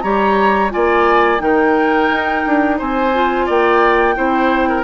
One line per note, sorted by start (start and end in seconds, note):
0.00 0.72 G3
0.00 0.70 G4
0.00 0.72 C#5
0.00 0.69 A#5
0.70 1.40 A#3
0.70 1.38 F4
0.70 1.42 D5
0.70 1.40 G#5
1.38 2.09 D#3
1.38 3.11 D#4
1.38 2.78 A#4
1.38 2.78 G5
2.09 2.44 D#4
2.46 2.80 D4
2.78 3.48 C4
2.78 3.45 C5
2.78 3.48 G#5
3.14 4.15 F4
3.45 4.17 A#3
3.45 4.14 D5
3.45 4.83 G5
4.15 4.83 C4
4.15 4.83 E4
4.15 4.68 C5
4.68 4.83 A#4